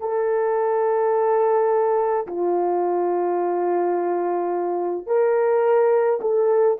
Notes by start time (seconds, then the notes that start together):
0.00 A4
2.27 F4
5.06 A#4
6.21 A4